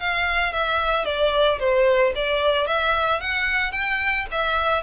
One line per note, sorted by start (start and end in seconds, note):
0.00 0.53 F5
0.53 1.05 E5
1.05 1.59 D5
1.59 2.14 C5
2.16 2.67 D5
2.67 3.21 E5
3.21 3.72 F#5
3.72 4.26 G5
4.31 4.83 E5